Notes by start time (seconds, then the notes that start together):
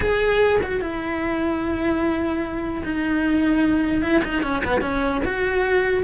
0.00 G#4
0.62 F#4
0.81 E4
2.84 D#4
4.02 E4
4.24 D#4
4.42 C#4
4.64 B3
4.81 C#4
5.25 F#4